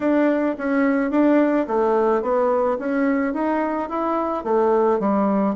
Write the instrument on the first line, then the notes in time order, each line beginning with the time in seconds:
bassoon
0.00 D4
0.58 C#4
1.10 D4
1.67 A3
2.21 B3
2.79 C#4
3.33 D#4
3.89 E4
4.43 A3
4.99 G3